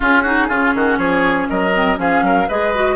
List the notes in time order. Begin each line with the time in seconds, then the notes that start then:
0.00 C#4 F4 G#4
0.22 D#4 F#4
0.48 C#3 C#4 F4
0.74 D#3 F#4
0.97 F3 G#4 C#5
1.48 F#3 A#4 D#5
1.73 C4
1.95 F3 C#4 G#4 F5
2.22 F#3 A#4
2.48 G#3 G#4 B4 D#5
2.75 F#4